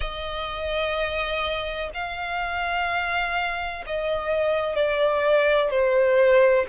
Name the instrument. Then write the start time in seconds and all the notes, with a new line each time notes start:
violin
0.00 D#5
1.94 F5
3.86 D#5
4.75 D5
5.70 C5